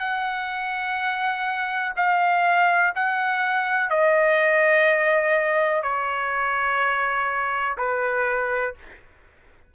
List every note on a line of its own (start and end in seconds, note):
0.00 1.94 F#5
1.97 2.93 F5
2.96 3.91 F#5
3.91 5.83 D#5
5.83 7.77 C#5
7.78 8.75 B4